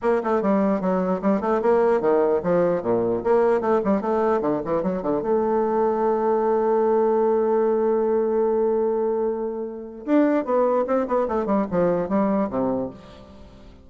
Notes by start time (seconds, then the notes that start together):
0.01 A#3
0.23 A3
0.42 G3
0.80 F#3
1.21 G3
1.41 A3
1.62 A#3
2.00 D#3
2.43 F3
2.82 A#2
3.23 A#3
3.60 A3
3.84 G3
4.01 A3
4.41 D3
4.65 E3
4.82 F#3
5.02 D3
5.22 A3
10.05 D4
10.45 B3
10.87 C4
11.07 B3
11.28 A3
11.46 G3
11.71 F3
12.08 G3
12.49 C3